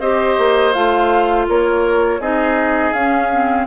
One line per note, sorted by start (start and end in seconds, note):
0.00 0.37 C4
0.00 0.74 G4
0.00 1.46 C5
0.00 0.73 D#5
0.38 0.75 A#3
0.73 1.48 A3
0.73 2.20 F4
0.73 1.46 F5
1.48 2.19 A#3
1.48 2.21 A#4
1.48 2.21 C#5
2.19 2.93 C4
2.19 2.95 D#4
2.19 3.67 G#4
2.19 2.93 D#5
2.93 3.67 C#4
2.93 3.31 C#4
2.93 3.66 F5
3.32 3.67 C4